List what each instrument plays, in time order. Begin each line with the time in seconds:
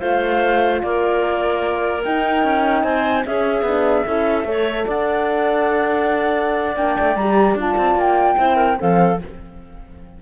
0.00 cello A3, horn F4, clarinet C5, flute F5
0.83 cello A#3, clarinet A#4, flute D5
2.04 horn D#4, cello D#4, flute G5
2.44 cello C#4
2.84 cello C4, clarinet C5, flute G#5
3.25 horn C#4, cello C#4, clarinet G#4, flute E5
3.63 cello B3, horn D4
4.06 cello C#4, horn E4, clarinet A4
4.45 cello A3, horn A4, clarinet C#5
4.87 cello D4, clarinet D5, flute F#5
6.76 cello A#3, horn D4, flute G5
7.00 cello A3
7.16 cello G3, horn G4, flute A#5
7.55 cello D4, horn F4, flute A5
7.78 cello C4
7.95 cello A#3, flute G5
8.37 cello C4, horn E4, clarinet C5
8.56 clarinet A#4
8.79 cello F3, horn C4, clarinet A4, flute F5